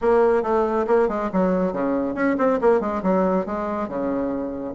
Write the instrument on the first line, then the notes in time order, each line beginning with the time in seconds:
bassoon
0.01 A#3
0.42 A3
0.87 A#3
1.08 G#3
1.33 F#3
1.72 C#3
2.15 C#4
2.38 C4
2.61 A#3
2.80 G#3
3.02 F#3
3.46 G#3
3.88 C#3